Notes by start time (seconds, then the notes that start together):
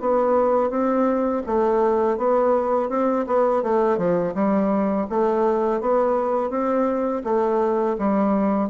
0.00 B3
0.70 C4
1.46 A3
2.17 B3
2.89 C4
3.26 B3
3.62 A3
3.97 F3
4.34 G3
5.09 A3
5.81 B3
6.50 C4
7.24 A3
7.98 G3